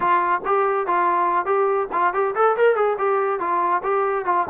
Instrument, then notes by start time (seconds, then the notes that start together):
trombone
0.00 F4
0.45 G4
0.86 F4
1.45 G4
1.92 F4
2.13 G4
2.35 A4
2.56 A#4
2.75 G#4
2.98 G4
3.39 F4
3.83 G4
4.25 F4